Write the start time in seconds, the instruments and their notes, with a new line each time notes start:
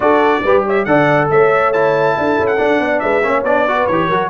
0.00 tuba D4, trombone F#4, horn A4, trumpet D5
0.43 tuba G3, trombone G4, horn B4
0.66 horn C#5, trumpet E5
0.84 tuba D3, trombone A4, horn D5, trumpet F#5
1.30 tuba A3, horn C#5, trumpet E5
1.72 trombone E4, trumpet A5
2.17 tuba D4, horn A4
2.39 tuba C#4
2.46 trumpet F#5
2.57 trombone D4, tuba D4
2.79 tuba B3, horn D5
2.99 tuba G#3, horn B4, trumpet E5
3.22 tuba A#3, trombone C#4, horn C#5
3.43 tuba B3, trombone D4, trumpet D5
3.66 trombone F#4, horn B4
3.87 tuba E3, trombone G4, trumpet C#5
4.07 tuba F#3, trombone F#4, horn A#4